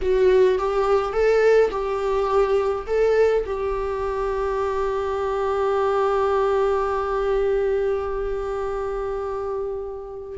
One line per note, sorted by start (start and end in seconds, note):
0.01 0.58 F#4
0.58 1.12 G4
1.12 1.70 A4
1.70 2.86 G4
2.87 3.44 A4
3.46 10.38 G4